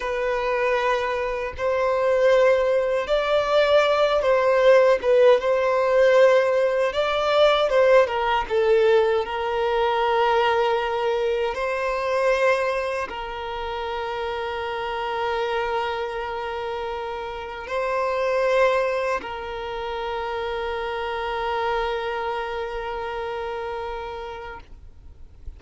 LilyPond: \new Staff \with { instrumentName = "violin" } { \time 4/4 \tempo 4 = 78 b'2 c''2 | d''4. c''4 b'8 c''4~ | c''4 d''4 c''8 ais'8 a'4 | ais'2. c''4~ |
c''4 ais'2.~ | ais'2. c''4~ | c''4 ais'2.~ | ais'1 | }